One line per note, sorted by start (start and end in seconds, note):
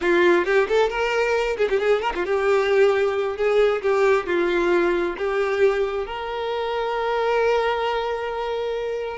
0.01 0.45 F4
0.45 0.67 G4
0.68 0.89 A4
0.89 1.57 A#4
1.57 1.68 G#4
1.69 1.79 G4
1.79 2.01 G#4
2.01 2.12 A#4
2.14 2.25 F4
2.25 3.36 G4
3.36 3.81 G#4
3.82 4.26 G4
4.26 5.16 F4
5.17 6.06 G4
6.06 9.17 A#4